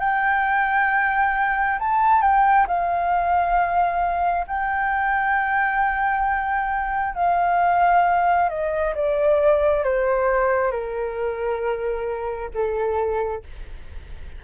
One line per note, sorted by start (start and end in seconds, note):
0.00 1.79 G5
1.80 2.22 A5
2.22 2.67 G5
2.68 4.47 F5
4.47 7.15 G5
7.15 8.50 F5
8.50 8.94 D#5
8.95 9.84 D5
9.84 10.72 C5
10.72 12.51 A#4
12.54 13.44 A4